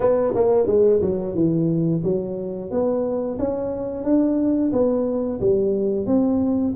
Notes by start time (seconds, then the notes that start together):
0.00 B3
0.35 A#3
0.66 G#3
1.01 F#3
1.35 E3
2.03 F#3
2.70 B3
3.38 C#4
4.04 D4
4.72 B3
5.40 G3
6.06 C4